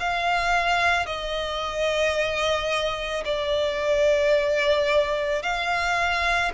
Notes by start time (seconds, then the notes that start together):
0.00 F5
1.06 D#5
3.25 D5
5.43 F5